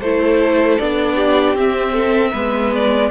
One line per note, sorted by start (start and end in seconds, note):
0.00 0.78 A3
0.00 0.80 E4
0.00 1.15 A4
0.00 0.78 C5
0.78 1.53 B3
0.78 1.55 D4
0.78 1.56 D5
1.15 1.93 G4
1.53 2.31 C4
1.53 2.33 C4
1.53 2.74 E5
1.93 2.31 A4
2.31 3.10 G#3
2.31 3.10 B3
2.31 3.09 B4
2.74 3.10 D5